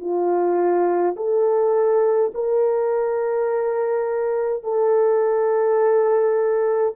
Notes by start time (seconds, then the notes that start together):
0.00 F4
1.16 A4
2.34 A#4
4.63 A4